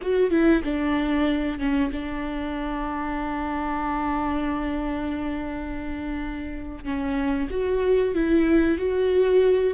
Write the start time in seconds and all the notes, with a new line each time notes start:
0.01 F#4
0.30 E4
0.64 D4
1.59 C#4
1.92 D4
6.84 C#4
7.50 F#4
8.14 E4
8.78 F#4